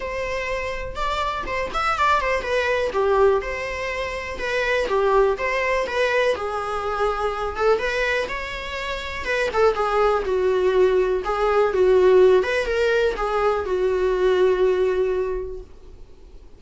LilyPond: \new Staff \with { instrumentName = "viola" } { \time 4/4 \tempo 4 = 123 c''2 d''4 c''8 e''8 | d''8 c''8 b'4 g'4 c''4~ | c''4 b'4 g'4 c''4 | b'4 gis'2~ gis'8 a'8 |
b'4 cis''2 b'8 a'8 | gis'4 fis'2 gis'4 | fis'4. b'8 ais'4 gis'4 | fis'1 | }